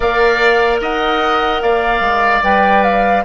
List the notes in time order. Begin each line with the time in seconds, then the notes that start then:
0.00 A#3 A#4 D5 F5
0.81 D#4 D#5 F#5
1.61 A#3 D5 F5
2.00 G#3
2.42 G3 B4 G5
2.83 F5